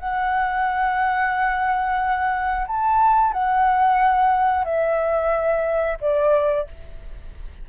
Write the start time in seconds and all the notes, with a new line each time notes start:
0.00 F#5
2.68 A5
3.33 F#5
4.65 E5
6.01 D5